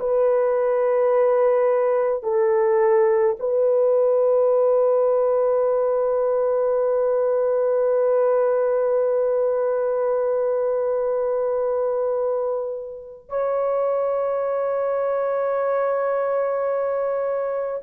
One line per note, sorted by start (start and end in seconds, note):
0.00 2.23 B4
2.23 3.37 A4
3.40 13.29 B4
13.29 17.82 C#5